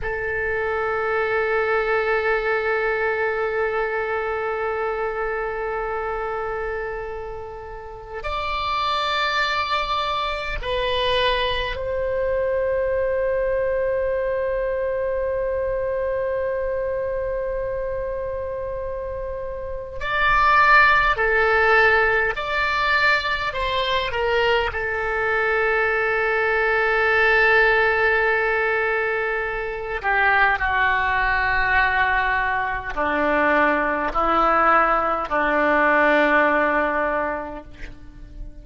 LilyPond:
\new Staff \with { instrumentName = "oboe" } { \time 4/4 \tempo 4 = 51 a'1~ | a'2. d''4~ | d''4 b'4 c''2~ | c''1~ |
c''4 d''4 a'4 d''4 | c''8 ais'8 a'2.~ | a'4. g'8 fis'2 | d'4 e'4 d'2 | }